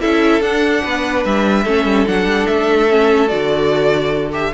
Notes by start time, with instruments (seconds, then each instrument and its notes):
0.00 cello C#4, viola E4, violin A4 E5
0.41 cello D4, viola D4, violin F#5
0.83 cello B3, violin B4
1.25 cello G3, violin E5
1.63 cello A3, viola C#4, violin A4
1.85 cello G3
2.06 cello F#3, viola D4, violin F#5
2.25 cello G3
2.46 cello A3, violin E5
2.89 viola C#4
3.27 cello D3, viola F#4, violin D5
4.32 viola G4, violin E5